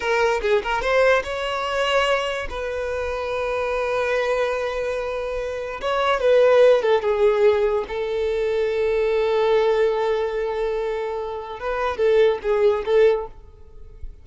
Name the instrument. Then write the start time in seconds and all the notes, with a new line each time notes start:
violin
0.00 A#4
0.41 G#4
0.63 A#4
0.81 C5
1.23 C#5
2.49 B4
5.81 C#5
6.20 B4
6.82 A4
7.01 G#4
7.88 A4
11.59 B4
11.97 A4
12.42 G#4
12.85 A4